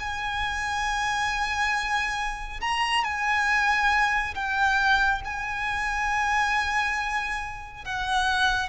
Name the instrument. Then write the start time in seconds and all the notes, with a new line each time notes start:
violin
0.00 G#5
2.61 A#5
3.04 G#5
4.35 G5
5.25 G#5
7.85 F#5